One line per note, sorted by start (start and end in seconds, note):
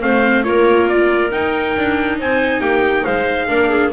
0.00 0.46 A3
0.00 0.43 C4
0.00 0.45 C5
0.00 0.43 F5
0.43 1.32 A#3
0.43 1.30 F4
0.43 2.19 A#4
0.43 0.87 C#5
0.88 1.31 D5
1.30 3.48 D#4
1.30 1.76 D#4
1.30 2.18 G5
1.77 2.20 D4
2.19 2.60 C4
2.19 2.60 C5
2.19 2.61 G#5
2.60 3.03 A#3
2.60 3.03 G4
2.60 3.04 G5
3.03 3.49 G#3
3.03 3.46 C5
3.03 3.91 F5
3.47 3.93 A#3
3.47 3.91 D4
3.47 3.69 A#4
3.69 3.91 G#4